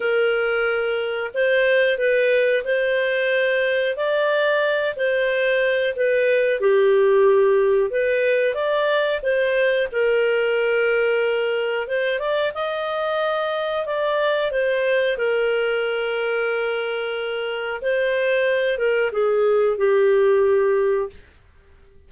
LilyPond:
\new Staff \with { instrumentName = "clarinet" } { \time 4/4 \tempo 4 = 91 ais'2 c''4 b'4 | c''2 d''4. c''8~ | c''4 b'4 g'2 | b'4 d''4 c''4 ais'4~ |
ais'2 c''8 d''8 dis''4~ | dis''4 d''4 c''4 ais'4~ | ais'2. c''4~ | c''8 ais'8 gis'4 g'2 | }